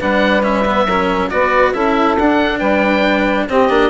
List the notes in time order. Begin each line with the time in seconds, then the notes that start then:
0.00 G3 D4 B4 F#5
0.43 C#4 E5
0.65 B3
0.86 F#3 C#4 A#4
1.30 B3 F#4 B4 D5
1.73 C#4 E4 A4 E5
2.18 D4 F#5
2.59 G3 B4 G5
3.48 C4 G4 D#5
3.69 A#3 D4